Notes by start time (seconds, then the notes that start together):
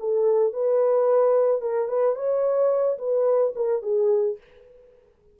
0.00 A4
0.53 B4
1.62 A#4
1.88 B4
2.15 C#5
2.98 B4
3.56 A#4
3.82 G#4